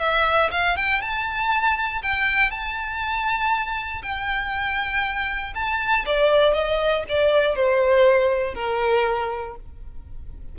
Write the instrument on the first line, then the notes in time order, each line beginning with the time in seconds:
violin
0.00 E5
0.52 F5
0.77 G5
1.02 A5
2.03 G5
2.51 A5
4.03 G5
5.55 A5
6.06 D5
6.54 D#5
7.09 D5
7.56 C5
8.55 A#4